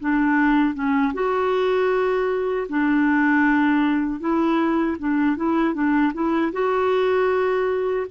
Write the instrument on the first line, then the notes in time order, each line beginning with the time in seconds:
clarinet
0.00 D4
0.74 C#4
1.13 F#4
2.69 D4
4.20 E4
4.99 D4
5.36 E4
5.74 D4
6.14 E4
6.52 F#4